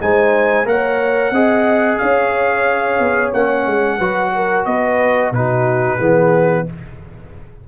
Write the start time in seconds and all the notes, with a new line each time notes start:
0.00 G#3 D#4 C5 G#5
0.65 A#3 A#4 C#5 F#5
1.31 C4 G#4 D#5
1.98 C#4 C#5 F5
3.00 B3
3.33 A#3 C#4 F#5
3.67 G#3
3.98 F#3 F#4 B4
4.35 A#4
4.66 B3 B4 D#5
5.32 B2 D#4 F#4 B4
5.99 E3 B3 G#4